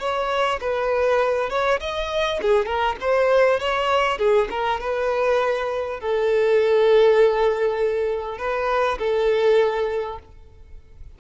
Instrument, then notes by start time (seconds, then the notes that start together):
violin
0.00 C#5
0.61 B4
1.50 C#5
1.81 D#5
2.42 G#4
2.66 A#4
3.01 C5
3.60 C#5
4.19 G#4
4.51 A#4
4.80 B4
6.00 A4
8.38 B4
8.99 A4